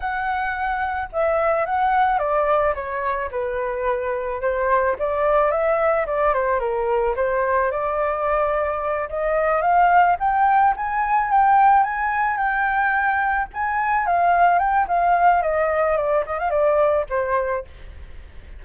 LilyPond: \new Staff \with { instrumentName = "flute" } { \time 4/4 \tempo 4 = 109 fis''2 e''4 fis''4 | d''4 cis''4 b'2 | c''4 d''4 e''4 d''8 c''8 | ais'4 c''4 d''2~ |
d''8 dis''4 f''4 g''4 gis''8~ | gis''8 g''4 gis''4 g''4.~ | g''8 gis''4 f''4 g''8 f''4 | dis''4 d''8 dis''16 f''16 d''4 c''4 | }